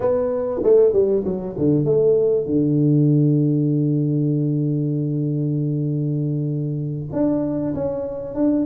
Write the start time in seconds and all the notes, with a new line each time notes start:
0.00 B3
0.63 A3
0.93 G3
1.24 F#3
1.57 D3
1.84 A3
2.45 D3
7.12 D4
7.74 C#4
8.34 D4